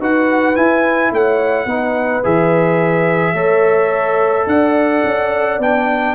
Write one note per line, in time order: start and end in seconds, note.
0.00 0.57 D#4
0.00 0.56 F#4
0.00 1.12 B4
0.00 0.56 F#5
0.56 1.68 E4
0.56 1.12 E4
0.56 1.12 G#5
1.12 1.66 A3
1.12 1.66 C#5
1.12 2.25 F#5
1.66 2.22 B3
1.66 2.24 D#4
1.66 3.34 B4
2.24 3.34 E3
2.24 3.36 G#4
2.24 4.48 E5
3.34 4.46 A3
3.34 5.60 A4
3.34 4.46 C#5
4.47 5.03 D4
4.47 6.15 D5
4.47 5.60 F#5
5.05 5.59 C#4
5.59 6.15 B3
5.59 6.15 D4
5.59 6.15 G5